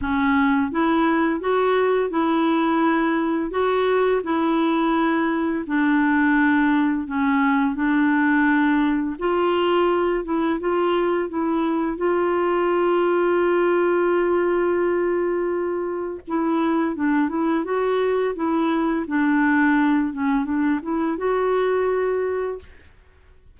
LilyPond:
\new Staff \with { instrumentName = "clarinet" } { \time 4/4 \tempo 4 = 85 cis'4 e'4 fis'4 e'4~ | e'4 fis'4 e'2 | d'2 cis'4 d'4~ | d'4 f'4. e'8 f'4 |
e'4 f'2.~ | f'2. e'4 | d'8 e'8 fis'4 e'4 d'4~ | d'8 cis'8 d'8 e'8 fis'2 | }